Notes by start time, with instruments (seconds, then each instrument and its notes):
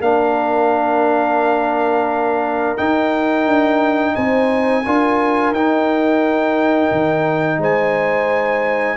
0.00 tuba A#3, trombone D4, horn A#4, trumpet F5
2.78 trombone D#4, tuba D#4, trumpet G5
3.46 tuba D4
4.15 tuba C4, horn C5, trumpet G#5
4.86 tuba D4, trombone F4, horn A#4
5.52 tuba D#4, trombone D#4, trumpet G5
6.92 tuba D#3
7.58 tuba G#3, horn C5, trumpet G#5